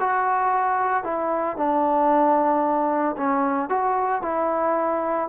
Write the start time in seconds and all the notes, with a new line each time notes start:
0.00 F#4
1.04 E4
1.57 D4
3.17 C#4
3.69 F#4
4.22 E4